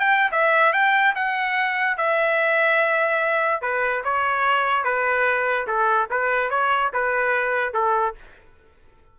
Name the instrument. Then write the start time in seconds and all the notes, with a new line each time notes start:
trumpet
0.00 G5
0.32 E5
0.73 G5
1.15 F#5
1.98 E5
3.62 B4
4.04 C#5
4.84 B4
5.67 A4
6.11 B4
6.50 C#5
6.93 B4
7.74 A4